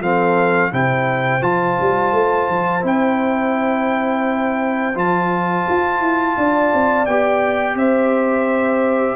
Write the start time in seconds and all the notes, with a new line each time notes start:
0.00 F3 C4 A4 F5
0.71 C3 E4 C5 G5
1.41 F3 F4 A5
1.80 G3
2.12 A3
2.48 F3
2.82 C4 E4 G5
4.95 F3 F4 A5
5.69 F4
6.00 E4
6.37 D4 D5
6.73 C4
7.06 B3 G4 G5
7.75 C4 C5 E5